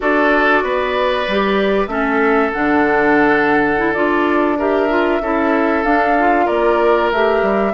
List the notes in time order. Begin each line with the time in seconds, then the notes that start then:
0.00 D4 F#4 A4 D5
0.63 B3 B4
1.27 G3 G4
1.87 A3 C#4 A4 E5
2.52 D3 D4 F#5
3.77 E4
3.93 D4 F4 D5
4.58 G4 A#4 E5
4.89 F4
5.20 C#4 E4 A4
5.83 D4 F5
6.19 F4
6.45 A#3 A#4 D5
7.11 A3 G4 E5
7.42 G3